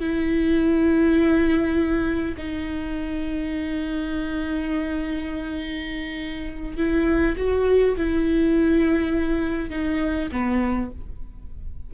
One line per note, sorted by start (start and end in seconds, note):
0.00 2.35 E4
2.38 6.77 D#4
6.77 7.36 E4
7.37 7.96 F#4
7.97 9.70 E4
9.70 10.29 D#4
10.32 10.91 B3